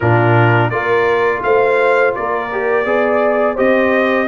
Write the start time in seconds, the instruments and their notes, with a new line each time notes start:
0.00 tuba A#2, trombone D4, horn F4, trumpet A#4
0.70 tuba A#3, trombone F4, horn A#4, trumpet D5
1.43 tuba A3, horn C5, trumpet F5
2.15 tuba A#3, horn A#4, trumpet D5
2.52 trombone G4
2.85 tuba B3, trombone G#4, horn D5
3.54 tuba C4, trombone G4, horn C5, trumpet D#5